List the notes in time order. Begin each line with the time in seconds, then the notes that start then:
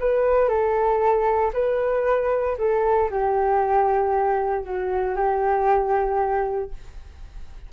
0.00 B4
0.48 A4
1.54 B4
2.58 A4
3.11 G4
4.64 F#4
5.16 G4